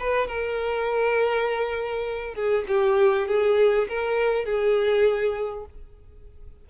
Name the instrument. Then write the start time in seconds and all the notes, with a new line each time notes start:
violin
0.00 B4
0.28 A#4
2.35 G#4
2.68 G4
3.28 G#4
3.89 A#4
4.45 G#4